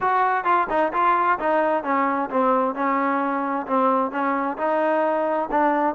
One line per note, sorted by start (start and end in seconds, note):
0.00 0.44 F#4
0.44 0.67 F4
0.69 0.92 D#4
0.93 1.38 F4
1.39 1.83 D#4
1.83 2.29 C#4
2.30 2.74 C4
2.74 3.66 C#4
3.66 4.11 C4
4.11 4.57 C#4
4.57 5.49 D#4
5.51 5.95 D4